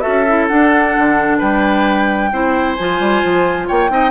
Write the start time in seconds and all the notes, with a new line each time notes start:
0.00 F#4 A4 E5
0.07 C#4
0.28 E4
0.47 D4 F#5
0.98 D3
1.38 G3 B4 G5
2.31 C4 E4 C5
2.74 F3 F4 G#5
2.99 G3
3.23 F3
3.67 A#3 C#5 G5
3.89 C4 D#4 D#5